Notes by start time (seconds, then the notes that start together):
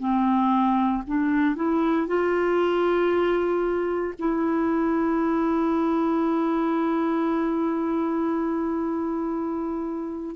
0.00 C4
1.07 D4
1.56 E4
2.08 F4
4.19 E4